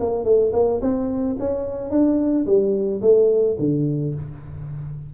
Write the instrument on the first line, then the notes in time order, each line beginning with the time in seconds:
tuba
0.00 A#3
0.24 A3
0.53 A#3
0.81 C4
1.39 C#4
1.90 D4
2.46 G3
3.02 A3
3.59 D3